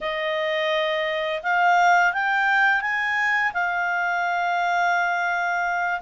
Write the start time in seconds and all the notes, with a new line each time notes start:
0.00 D#5
1.42 F5
2.13 G5
2.81 G#5
3.53 F5